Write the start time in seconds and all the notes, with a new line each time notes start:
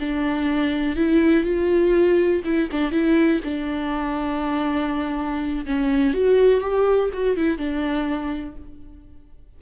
0.00 D4
0.96 E4
1.44 F4
2.45 E4
2.72 D4
2.92 E4
3.44 D4
5.66 C#4
6.14 F#4
6.61 G4
7.14 F#4
7.37 E4
7.58 D4